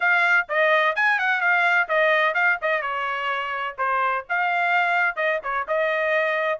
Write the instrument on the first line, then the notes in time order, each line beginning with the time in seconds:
trumpet
0.00 F5
0.49 D#5
0.95 G#5
1.19 F#5
1.40 F5
1.88 D#5
2.34 F5
2.61 D#5
2.81 C#5
3.78 C5
4.29 F5
5.16 D#5
5.43 C#5
5.67 D#5